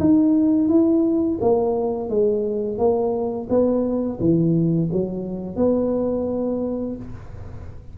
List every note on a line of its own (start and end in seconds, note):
0.00 0.69 D#4
0.69 1.39 E4
1.41 2.10 A#3
2.10 2.78 G#3
2.78 3.48 A#3
3.49 4.19 B3
4.20 4.90 E3
4.92 5.56 F#3
5.56 6.96 B3